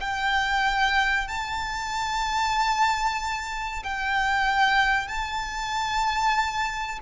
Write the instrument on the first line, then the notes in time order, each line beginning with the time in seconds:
violin
0.00 G5
1.28 A5
3.83 G5
5.07 A5